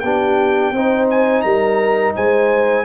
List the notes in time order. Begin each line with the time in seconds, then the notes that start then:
0.00 B3 D4 G4 G5
0.72 C4 D#4 C5
1.10 G#5
1.42 G3 A#4 A#5
2.16 G#3 C5 G#5